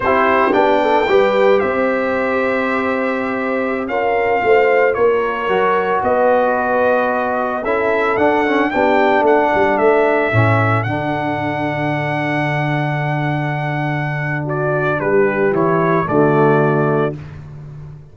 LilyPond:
<<
  \new Staff \with { instrumentName = "trumpet" } { \time 4/4 \tempo 4 = 112 c''4 g''2 e''4~ | e''2.~ e''16 f''8.~ | f''4~ f''16 cis''2 dis''8.~ | dis''2~ dis''16 e''4 fis''8.~ |
fis''16 g''4 fis''4 e''4.~ e''16~ | e''16 fis''2.~ fis''8.~ | fis''2. d''4 | b'4 cis''4 d''2 | }
  \new Staff \with { instrumentName = "horn" } { \time 4/4 g'4. a'8 b'4 c''4~ | c''2.~ c''16 ais'8.~ | ais'16 c''4 ais'2 b'8.~ | b'2~ b'16 a'4.~ a'16~ |
a'16 g'4 a'2~ a'8.~ | a'1~ | a'2. fis'4 | g'2 fis'2 | }
  \new Staff \with { instrumentName = "trombone" } { \time 4/4 e'4 d'4 g'2~ | g'2.~ g'16 f'8.~ | f'2~ f'16 fis'4.~ fis'16~ | fis'2~ fis'16 e'4 d'8 cis'16~ |
cis'16 d'2. cis'8.~ | cis'16 d'2.~ d'8.~ | d'1~ | d'4 e'4 a2 | }
  \new Staff \with { instrumentName = "tuba" } { \time 4/4 c'4 b4 g4 c'4~ | c'2.~ c'16 cis'8.~ | cis'16 a4 ais4 fis4 b8.~ | b2~ b16 cis'4 d'8.~ |
d'16 b4 a8 g8 a4 a,8.~ | a,16 d2.~ d8.~ | d1 | g4 e4 d2 | }
>>